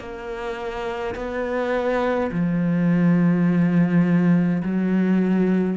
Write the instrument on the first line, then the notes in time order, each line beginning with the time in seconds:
cello
0.00 A#3
1.15 B3
2.32 F3
4.63 F#3